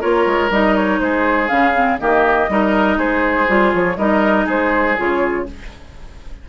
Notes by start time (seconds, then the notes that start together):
0.00 A#3 F4 A#4 C#5
0.26 G#3
0.50 G3 D#4 D#5
0.75 C#5
1.00 G#3 G#4 C5
1.48 C#3 C#4 F5
1.74 C4
1.99 D#3 A#3 G4 D#5
2.49 G3 D#4 A#4
2.97 G#3 G#4 C5
3.47 G3 F4
3.73 F3 C#5
3.97 G3 D#4 A#4 D#5
4.45 G#3 G#4 C5
4.96 C#3 F4 C#5